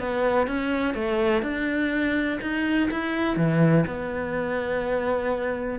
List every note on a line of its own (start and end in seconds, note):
0.00 0.48 B3
0.48 0.95 C#4
0.95 1.43 A3
1.43 2.40 D4
2.42 2.90 D#4
2.91 3.37 E4
3.37 3.85 E3
3.87 5.80 B3